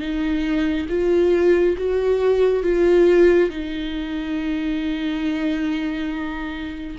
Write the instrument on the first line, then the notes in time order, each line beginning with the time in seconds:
viola
0.00 D#4
0.89 F4
1.77 F#4
2.63 F4
3.50 D#4